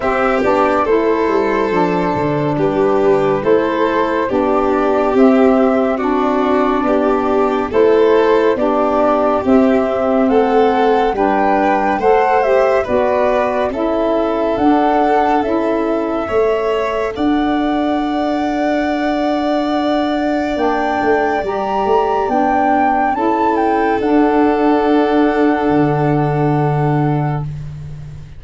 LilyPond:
<<
  \new Staff \with { instrumentName = "flute" } { \time 4/4 \tempo 4 = 70 e''8 d''8 c''2 b'4 | c''4 d''4 e''4 d''4~ | d''4 c''4 d''4 e''4 | fis''4 g''4 fis''8 e''8 d''4 |
e''4 fis''4 e''2 | fis''1 | g''4 ais''4 g''4 a''8 g''8 | fis''1 | }
  \new Staff \with { instrumentName = "violin" } { \time 4/4 g'4 a'2 g'4 | a'4 g'2 fis'4 | g'4 a'4 g'2 | a'4 b'4 c''4 b'4 |
a'2. cis''4 | d''1~ | d''2. a'4~ | a'1 | }
  \new Staff \with { instrumentName = "saxophone" } { \time 4/4 c'8 d'8 e'4 d'2 | e'4 d'4 c'4 d'4~ | d'4 e'4 d'4 c'4~ | c'4 d'4 a'8 g'8 fis'4 |
e'4 d'4 e'4 a'4~ | a'1 | d'4 g'4 d'4 e'4 | d'1 | }
  \new Staff \with { instrumentName = "tuba" } { \time 4/4 c'8 b8 a8 g8 f8 d8 g4 | a4 b4 c'2 | b4 a4 b4 c'4 | a4 g4 a4 b4 |
cis'4 d'4 cis'4 a4 | d'1 | ais8 a8 g8 a8 b4 cis'4 | d'2 d2 | }
>>